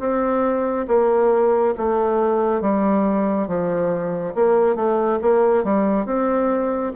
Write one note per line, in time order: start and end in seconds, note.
0.00 0.87 C4
0.88 1.75 A#3
1.78 2.62 A3
2.62 3.48 G3
3.48 4.35 F3
4.35 4.76 A#3
4.76 5.20 A3
5.22 5.64 A#3
5.64 6.06 G3
6.06 6.93 C4